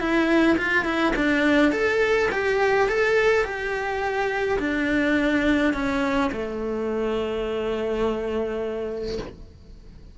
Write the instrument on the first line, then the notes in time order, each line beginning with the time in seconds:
cello
0.00 E4
0.58 F4
0.85 E4
1.16 D4
1.72 A4
2.32 G4
2.89 A4
3.44 G4
4.59 D4
5.74 C#4
6.32 A3